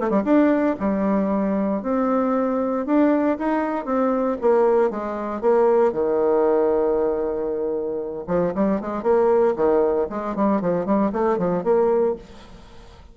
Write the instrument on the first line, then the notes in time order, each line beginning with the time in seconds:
bassoon
0.00 A3
0.10 G3
0.24 D4
0.79 G3
1.82 C4
2.86 D4
3.38 D#4
3.85 C4
4.41 A#3
4.90 G#3
5.41 A#3
5.92 D#3
8.27 F3
8.55 G3
8.81 G#3
9.03 A#3
9.56 D#3
10.10 G#3
10.36 G3
10.61 F3
10.86 G3
11.12 A3
11.38 F3
11.64 A#3